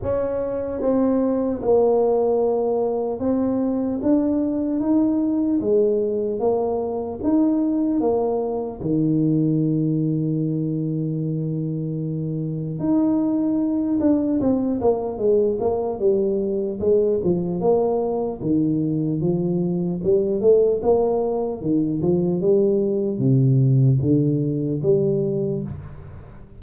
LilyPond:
\new Staff \with { instrumentName = "tuba" } { \time 4/4 \tempo 4 = 75 cis'4 c'4 ais2 | c'4 d'4 dis'4 gis4 | ais4 dis'4 ais4 dis4~ | dis1 |
dis'4. d'8 c'8 ais8 gis8 ais8 | g4 gis8 f8 ais4 dis4 | f4 g8 a8 ais4 dis8 f8 | g4 c4 d4 g4 | }